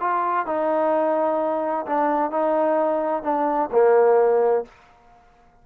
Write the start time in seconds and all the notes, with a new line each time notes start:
0.00 F4
0.47 D#4
1.86 D4
2.31 D#4
3.23 D4
3.72 A#3